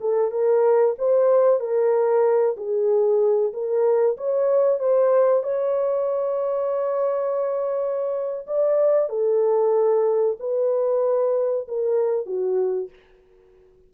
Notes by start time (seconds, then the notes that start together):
0.00 A4
0.31 A#4
0.98 C5
1.60 A#4
2.56 G#4
3.53 A#4
4.17 C#5
4.79 C5
5.43 C#5
8.46 D5
9.09 A4
10.39 B4
11.68 A#4
12.26 F#4